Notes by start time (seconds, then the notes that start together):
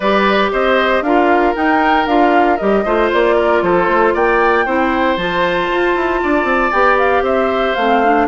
0.00 G3 G4 B4 D5
0.52 C4 C5 D#5
1.01 D4 F4 A#4 F5
1.55 D#4 G5
2.06 D4 F4 F5
2.57 G3 G4 D#5
2.84 A3 F4 C5
3.12 A#3 D5
3.36 A#4
3.62 F3 A4 C5
3.87 A3
4.13 A#3 D5 G5
4.65 C4 E4 C5
5.17 F3 F4 A5
5.70 F4
5.95 E4
6.22 D4 D5
6.44 C4
6.71 B3 G4 G5
6.98 F5
7.21 C4 C5 E5
7.75 A3 C4 F5
8.04 D4